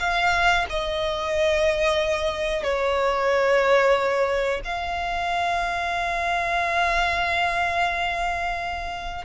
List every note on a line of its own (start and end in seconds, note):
0.00 0.66 F5
0.70 2.64 D#5
2.64 4.62 C#5
4.65 9.25 F5